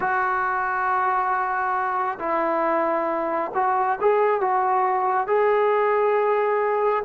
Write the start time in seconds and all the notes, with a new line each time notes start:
0.00 F#4
2.19 E4
3.54 F#4
4.00 G#4
4.41 F#4
5.27 G#4